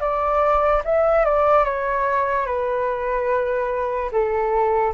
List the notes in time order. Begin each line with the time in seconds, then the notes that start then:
0.00 D5
0.84 E5
1.25 D5
1.65 C#5
2.46 B4
4.12 A4